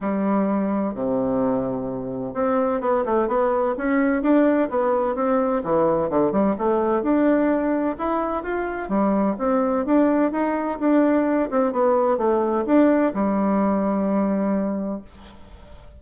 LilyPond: \new Staff \with { instrumentName = "bassoon" } { \time 4/4 \tempo 4 = 128 g2 c2~ | c4 c'4 b8 a8 b4 | cis'4 d'4 b4 c'4 | e4 d8 g8 a4 d'4~ |
d'4 e'4 f'4 g4 | c'4 d'4 dis'4 d'4~ | d'8 c'8 b4 a4 d'4 | g1 | }